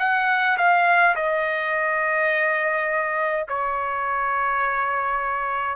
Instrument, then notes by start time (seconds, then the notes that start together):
trumpet
0.00 F#5
0.58 F5
1.16 D#5
3.49 C#5